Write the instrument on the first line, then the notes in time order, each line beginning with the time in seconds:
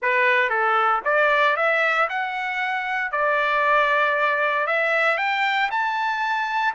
trumpet
0.01 B4
0.49 A4
1.05 D5
1.56 E5
2.09 F#5
3.11 D5
4.66 E5
5.17 G5
5.70 A5